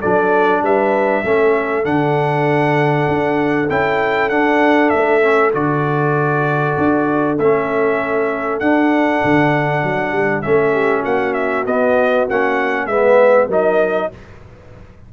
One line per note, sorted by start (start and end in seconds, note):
0.00 0.62 F#3
0.00 1.24 D4
0.00 0.61 A4
0.00 0.62 D5
0.62 1.23 G3
0.62 1.24 B4
0.62 1.85 E5
1.24 1.85 A3
1.24 1.83 C#4
1.24 10.72 A4
1.83 3.07 D3
1.83 3.67 D4
1.83 3.69 F#5
3.08 3.69 D4
3.69 4.30 C#4
3.69 4.30 E4
3.69 4.29 G5
4.29 4.91 D4
4.29 5.21 D4
4.29 4.89 F#5
4.89 5.54 A3
4.89 5.51 E5
5.21 5.52 C#4
5.53 6.76 D3
5.53 7.37 F#4
5.53 7.38 D5
6.78 7.38 D4
7.38 8.61 A3
7.38 8.61 C#4
7.38 8.59 E5
8.59 9.22 D4
8.59 10.43 D4
8.59 10.42 F#5
9.24 9.83 D3
9.83 10.12 F#3
10.12 10.43 G3
10.42 11.04 A3
10.42 11.66 C#4
10.42 11.03 E5
10.72 11.01 G4
11.01 11.66 A#3
11.01 12.84 F#4
11.01 11.33 F#5
11.33 11.64 E5
11.66 12.27 B3
11.66 12.29 B3
11.66 12.28 D#5
12.29 12.86 A#3
12.29 12.91 C#4
12.29 12.87 F#5
12.86 13.47 G#3
12.86 13.50 B3
12.86 13.48 B4
12.86 13.48 E5
13.48 14.09 F#3
13.48 14.11 D#4
13.48 14.09 A#4
13.48 14.13 D#5